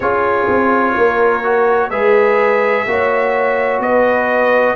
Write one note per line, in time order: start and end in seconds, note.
0.00 0.46 C#4
0.00 1.43 F4
0.00 0.95 G#4
0.00 1.90 C#5
0.48 0.95 C4
0.97 1.90 A#3
0.97 1.90 A#4
1.43 1.90 F#4
1.90 2.85 G#3
1.90 2.87 G#4
1.90 2.86 B4
1.90 3.80 E5
2.86 3.79 A#3
2.86 4.75 F#4
2.86 3.82 C#5
3.79 4.74 B3
3.79 4.75 B4
3.79 4.75 D#5